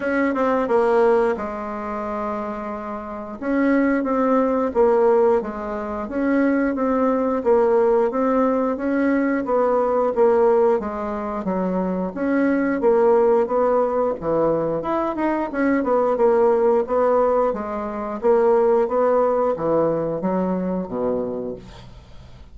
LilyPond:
\new Staff \with { instrumentName = "bassoon" } { \time 4/4 \tempo 4 = 89 cis'8 c'8 ais4 gis2~ | gis4 cis'4 c'4 ais4 | gis4 cis'4 c'4 ais4 | c'4 cis'4 b4 ais4 |
gis4 fis4 cis'4 ais4 | b4 e4 e'8 dis'8 cis'8 b8 | ais4 b4 gis4 ais4 | b4 e4 fis4 b,4 | }